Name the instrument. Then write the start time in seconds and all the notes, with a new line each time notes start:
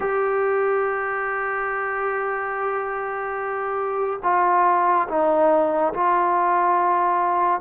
trombone
0.00 G4
4.23 F4
5.08 D#4
5.93 F4